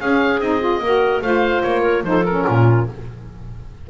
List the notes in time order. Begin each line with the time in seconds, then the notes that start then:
0.00 C#4 G#4 F5
0.39 C4 D#4 D#5
0.60 F4
0.79 A#3 F#4 A#4
1.21 A3 F4 C5 F5
1.62 A#3 C#5
1.82 A#4
2.03 F3 D#4 A4 C5
2.25 C#4 A#4
2.45 A#2 F4